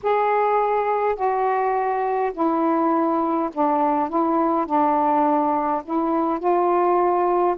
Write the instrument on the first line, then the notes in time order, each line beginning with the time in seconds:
saxophone
0.03 G#4
1.15 F#4
2.33 E4
3.53 D4
4.09 E4
4.66 D4
5.84 E4
6.39 F4